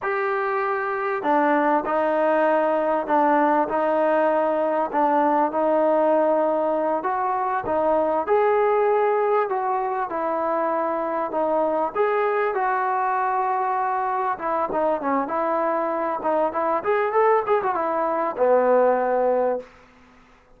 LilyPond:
\new Staff \with { instrumentName = "trombone" } { \time 4/4 \tempo 4 = 98 g'2 d'4 dis'4~ | dis'4 d'4 dis'2 | d'4 dis'2~ dis'8 fis'8~ | fis'8 dis'4 gis'2 fis'8~ |
fis'8 e'2 dis'4 gis'8~ | gis'8 fis'2. e'8 | dis'8 cis'8 e'4. dis'8 e'8 gis'8 | a'8 gis'16 fis'16 e'4 b2 | }